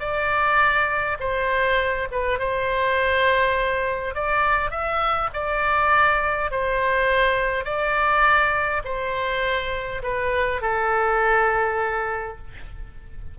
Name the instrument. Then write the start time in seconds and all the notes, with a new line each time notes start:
oboe
0.00 D5
1.20 C5
2.12 B4
2.39 C5
4.15 D5
4.71 E5
5.34 D5
6.51 C5
7.65 D5
8.85 C5
10.03 B4
10.61 A4